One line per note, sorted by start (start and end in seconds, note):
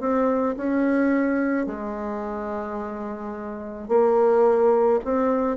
0.00 0.56 C4
0.57 1.66 C#4
1.66 3.88 G#3
3.88 4.99 A#3
5.04 5.57 C4